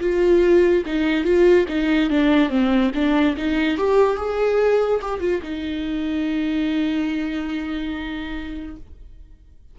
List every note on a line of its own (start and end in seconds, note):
0.00 0.83 F4
0.85 1.24 D#4
1.24 1.66 F4
1.68 2.09 D#4
2.09 2.49 D4
2.49 2.91 C4
2.94 3.36 D4
3.37 3.77 D#4
3.77 4.16 G4
4.16 5.00 G#4
5.01 5.20 G4
5.20 5.41 F4
5.42 8.76 D#4